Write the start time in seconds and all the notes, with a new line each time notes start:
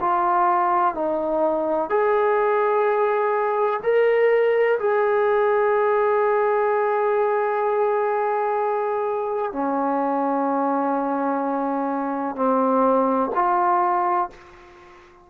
0.00 F4
0.94 D#4
1.90 G#4
3.83 A#4
4.79 G#4
9.52 C#4
12.35 C4
13.35 F4